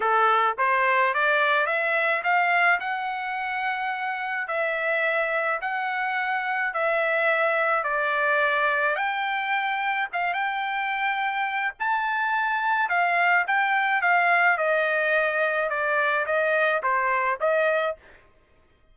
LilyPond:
\new Staff \with { instrumentName = "trumpet" } { \time 4/4 \tempo 4 = 107 a'4 c''4 d''4 e''4 | f''4 fis''2. | e''2 fis''2 | e''2 d''2 |
g''2 f''8 g''4.~ | g''4 a''2 f''4 | g''4 f''4 dis''2 | d''4 dis''4 c''4 dis''4 | }